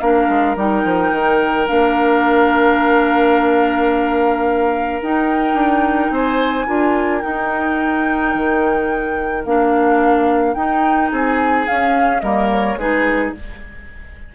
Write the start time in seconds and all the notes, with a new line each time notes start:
0.00 A#3 D4 A#4 F5
0.29 G#3
0.56 G3 D#4 G5
0.85 F3
1.12 D#3
1.68 A#3 D4 F5
5.02 D#4 G5
5.54 D4
6.11 C4 C5 G#5
6.66 D4 F4 A#4
7.22 D#4 G5
8.35 D#3
9.45 A#3 D4 F5
10.54 D#4 G5
11.11 C4 G#4 G#5
11.67 C#4 F5
12.21 G3 A#3 A#4 D#5
12.52 C#5
12.76 G#3 D#4 G#4 B4